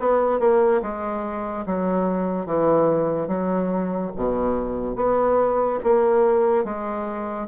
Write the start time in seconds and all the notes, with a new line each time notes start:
0.00 B3
0.40 A#3
0.82 G#3
1.66 F#3
2.46 E3
3.28 F#3
4.16 B2
4.96 B3
5.84 A#3
6.64 G#3